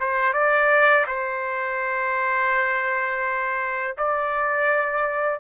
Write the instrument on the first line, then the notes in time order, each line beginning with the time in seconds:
trumpet
0.00 C5
0.34 D5
1.07 C5
3.98 D5